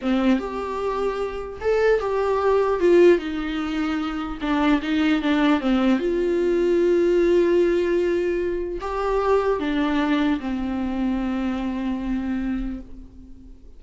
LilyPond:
\new Staff \with { instrumentName = "viola" } { \time 4/4 \tempo 4 = 150 c'4 g'2. | a'4 g'2 f'4 | dis'2. d'4 | dis'4 d'4 c'4 f'4~ |
f'1~ | f'2 g'2 | d'2 c'2~ | c'1 | }